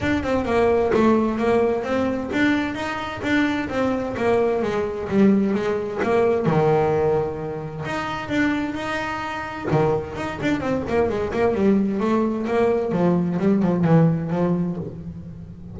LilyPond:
\new Staff \with { instrumentName = "double bass" } { \time 4/4 \tempo 4 = 130 d'8 c'8 ais4 a4 ais4 | c'4 d'4 dis'4 d'4 | c'4 ais4 gis4 g4 | gis4 ais4 dis2~ |
dis4 dis'4 d'4 dis'4~ | dis'4 dis4 dis'8 d'8 c'8 ais8 | gis8 ais8 g4 a4 ais4 | f4 g8 f8 e4 f4 | }